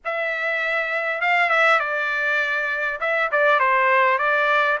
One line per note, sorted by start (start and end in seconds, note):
0.04 1.21 E5
1.21 1.49 F5
1.49 1.79 E5
1.79 2.99 D5
3.00 3.30 E5
3.31 3.59 D5
3.59 4.18 C5
4.18 4.78 D5